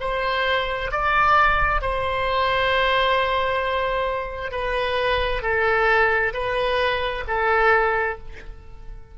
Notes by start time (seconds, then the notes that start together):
0.00 C5
0.91 D5
1.81 C5
4.51 B4
5.42 A4
6.33 B4
7.27 A4